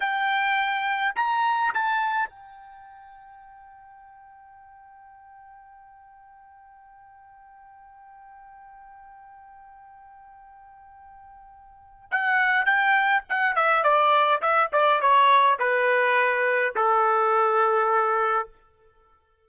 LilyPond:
\new Staff \with { instrumentName = "trumpet" } { \time 4/4 \tempo 4 = 104 g''2 ais''4 a''4 | g''1~ | g''1~ | g''1~ |
g''1~ | g''4 fis''4 g''4 fis''8 e''8 | d''4 e''8 d''8 cis''4 b'4~ | b'4 a'2. | }